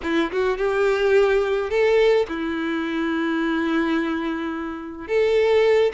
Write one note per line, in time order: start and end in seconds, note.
0.03 0.31 E4
0.31 0.57 F#4
0.57 1.70 G4
1.70 2.26 A4
2.28 5.07 E4
5.07 5.92 A4